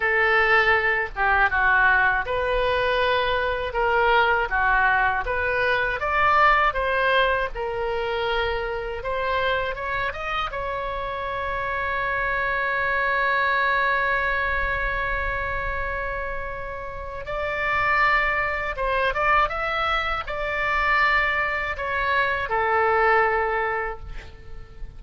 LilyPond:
\new Staff \with { instrumentName = "oboe" } { \time 4/4 \tempo 4 = 80 a'4. g'8 fis'4 b'4~ | b'4 ais'4 fis'4 b'4 | d''4 c''4 ais'2 | c''4 cis''8 dis''8 cis''2~ |
cis''1~ | cis''2. d''4~ | d''4 c''8 d''8 e''4 d''4~ | d''4 cis''4 a'2 | }